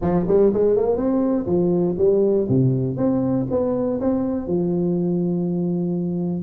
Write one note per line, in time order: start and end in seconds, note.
0.01 0.26 F3
0.27 0.52 G3
0.53 0.76 G#3
0.76 0.96 A#3
0.96 1.46 C4
1.46 1.96 F3
1.98 2.47 G3
2.48 2.96 C3
2.96 3.46 C4
3.50 4.00 B3
4.00 4.47 C4
4.47 6.42 F3